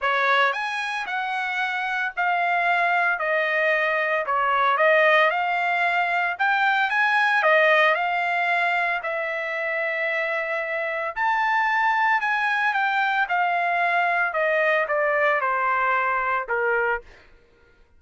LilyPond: \new Staff \with { instrumentName = "trumpet" } { \time 4/4 \tempo 4 = 113 cis''4 gis''4 fis''2 | f''2 dis''2 | cis''4 dis''4 f''2 | g''4 gis''4 dis''4 f''4~ |
f''4 e''2.~ | e''4 a''2 gis''4 | g''4 f''2 dis''4 | d''4 c''2 ais'4 | }